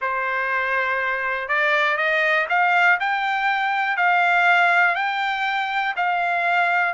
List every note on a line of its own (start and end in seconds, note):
0.01 1.48 C5
1.48 1.97 D5
1.97 2.47 D#5
2.49 2.99 F5
3.00 3.96 G5
3.96 4.95 F5
4.95 5.94 G5
5.96 6.94 F5